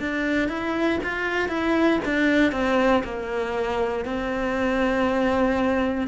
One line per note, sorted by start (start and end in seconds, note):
0.00 0.49 D4
0.49 0.99 E4
1.03 1.48 F4
1.48 1.99 E4
2.05 2.51 D4
2.51 3.02 C4
3.04 4.05 A#3
4.05 6.07 C4